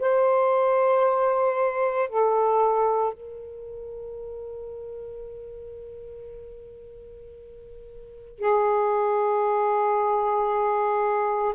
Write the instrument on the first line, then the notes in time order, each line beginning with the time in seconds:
saxophone
0.00 C5
2.10 A4
3.14 A#4
8.39 G#4